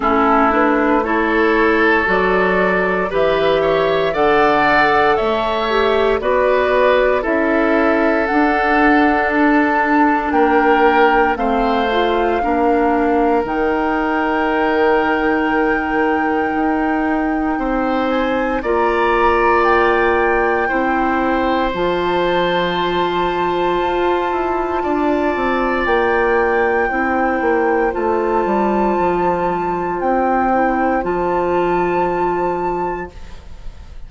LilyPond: <<
  \new Staff \with { instrumentName = "flute" } { \time 4/4 \tempo 4 = 58 a'8 b'8 cis''4 d''4 e''4 | fis''4 e''4 d''4 e''4 | fis''4 a''4 g''4 f''4~ | f''4 g''2.~ |
g''4. gis''8 ais''4 g''4~ | g''4 a''2.~ | a''4 g''2 a''4~ | a''4 g''4 a''2 | }
  \new Staff \with { instrumentName = "oboe" } { \time 4/4 e'4 a'2 b'8 cis''8 | d''4 cis''4 b'4 a'4~ | a'2 ais'4 c''4 | ais'1~ |
ais'4 c''4 d''2 | c''1 | d''2 c''2~ | c''1 | }
  \new Staff \with { instrumentName = "clarinet" } { \time 4/4 cis'8 d'8 e'4 fis'4 g'4 | a'4. g'8 fis'4 e'4 | d'2. c'8 f'8 | d'4 dis'2.~ |
dis'2 f'2 | e'4 f'2.~ | f'2 e'4 f'4~ | f'4. e'8 f'2 | }
  \new Staff \with { instrumentName = "bassoon" } { \time 4/4 a2 fis4 e4 | d4 a4 b4 cis'4 | d'2 ais4 a4 | ais4 dis2. |
dis'4 c'4 ais2 | c'4 f2 f'8 e'8 | d'8 c'8 ais4 c'8 ais8 a8 g8 | f4 c'4 f2 | }
>>